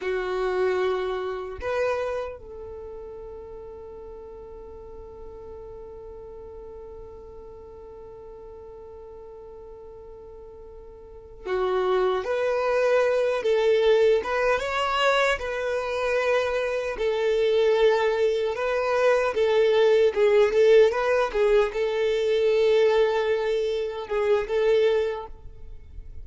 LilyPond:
\new Staff \with { instrumentName = "violin" } { \time 4/4 \tempo 4 = 76 fis'2 b'4 a'4~ | a'1~ | a'1~ | a'2~ a'8 fis'4 b'8~ |
b'4 a'4 b'8 cis''4 b'8~ | b'4. a'2 b'8~ | b'8 a'4 gis'8 a'8 b'8 gis'8 a'8~ | a'2~ a'8 gis'8 a'4 | }